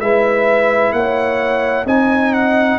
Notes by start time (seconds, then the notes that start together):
0.00 G#3 E4 B4 E5
0.92 A#3 C#5 F#5
1.85 C4 D#4 D#5 G#5
2.33 F#5